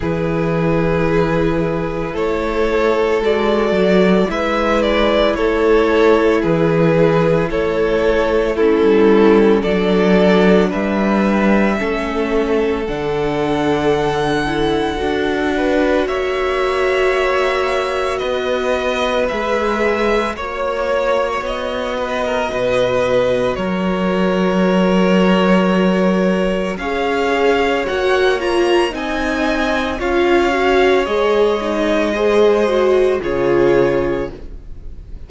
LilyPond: <<
  \new Staff \with { instrumentName = "violin" } { \time 4/4 \tempo 4 = 56 b'2 cis''4 d''4 | e''8 d''8 cis''4 b'4 cis''4 | a'4 d''4 e''2 | fis''2. e''4~ |
e''4 dis''4 e''4 cis''4 | dis''2 cis''2~ | cis''4 f''4 fis''8 ais''8 gis''4 | f''4 dis''2 cis''4 | }
  \new Staff \with { instrumentName = "violin" } { \time 4/4 gis'2 a'2 | b'4 a'4 gis'4 a'4 | e'4 a'4 b'4 a'4~ | a'2~ a'8 b'8 cis''4~ |
cis''4 b'2 cis''4~ | cis''8 b'16 ais'16 b'4 ais'2~ | ais'4 cis''2 dis''4 | cis''2 c''4 gis'4 | }
  \new Staff \with { instrumentName = "viola" } { \time 4/4 e'2. fis'4 | e'1 | cis'4 d'2 cis'4 | d'4. e'8 fis'2~ |
fis'2 gis'4 fis'4~ | fis'1~ | fis'4 gis'4 fis'8 f'8 dis'4 | f'8 fis'8 gis'8 dis'8 gis'8 fis'8 f'4 | }
  \new Staff \with { instrumentName = "cello" } { \time 4/4 e2 a4 gis8 fis8 | gis4 a4 e4 a4~ | a16 g8. fis4 g4 a4 | d2 d'4 ais4~ |
ais4 b4 gis4 ais4 | b4 b,4 fis2~ | fis4 cis'4 ais4 c'4 | cis'4 gis2 cis4 | }
>>